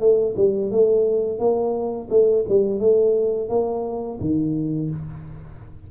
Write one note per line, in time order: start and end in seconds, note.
0.00 0.35 A3
0.37 0.71 G3
0.71 1.39 A3
1.39 2.09 A#3
2.10 2.45 A3
2.49 2.80 G3
2.80 3.49 A3
3.49 4.19 A#3
4.21 4.91 D#3